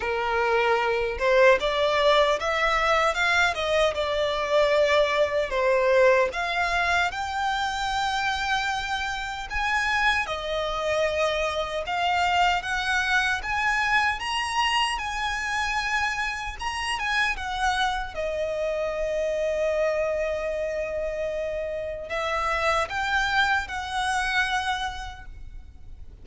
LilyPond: \new Staff \with { instrumentName = "violin" } { \time 4/4 \tempo 4 = 76 ais'4. c''8 d''4 e''4 | f''8 dis''8 d''2 c''4 | f''4 g''2. | gis''4 dis''2 f''4 |
fis''4 gis''4 ais''4 gis''4~ | gis''4 ais''8 gis''8 fis''4 dis''4~ | dis''1 | e''4 g''4 fis''2 | }